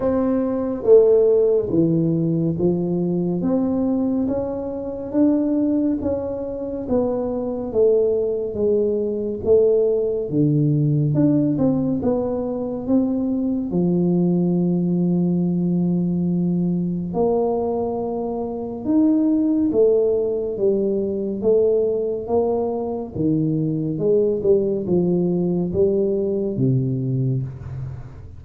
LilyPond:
\new Staff \with { instrumentName = "tuba" } { \time 4/4 \tempo 4 = 70 c'4 a4 e4 f4 | c'4 cis'4 d'4 cis'4 | b4 a4 gis4 a4 | d4 d'8 c'8 b4 c'4 |
f1 | ais2 dis'4 a4 | g4 a4 ais4 dis4 | gis8 g8 f4 g4 c4 | }